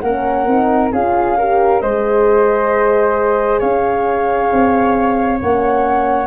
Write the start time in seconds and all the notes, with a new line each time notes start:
0.00 A#3 C#4 A#4 F#5
0.47 C4 D#4
0.92 C#4 F4 G#4 F5
1.38 G4 A#4
1.81 G#3 G#4 C5 D#5
3.60 C#4 C#5 F5
4.52 C4
5.41 A#3 C#4 F#5